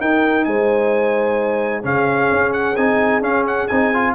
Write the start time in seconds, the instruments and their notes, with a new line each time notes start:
0.00 tuba D#4, trombone D#4, horn A#4, trumpet G5
0.44 tuba G#3, horn C5, trumpet G#5
1.83 tuba C#3, trombone C#4, horn G#4, trumpet F5
2.31 tuba C#4
2.53 trumpet F#5
2.76 tuba C4, trombone D#4, trumpet G#5
3.21 tuba C#4, trombone C#4, trumpet F5
3.47 trumpet F#5
3.67 tuba C4, trombone D#4, trumpet G#5
3.94 trombone F4